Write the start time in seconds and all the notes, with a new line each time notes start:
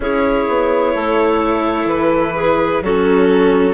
0.00 C#4 E4 G#4 C#5
0.47 B3
0.94 A3 A4
1.85 E3 B4
2.35 G#4
2.81 F#3 C#4 F#4 A4